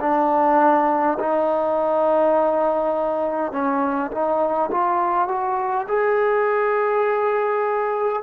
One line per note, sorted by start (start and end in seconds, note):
0.00 1.18 D4
1.19 3.52 D#4
3.52 4.11 C#4
4.11 4.70 D#4
4.71 5.28 F4
5.28 5.87 F#4
5.88 8.22 G#4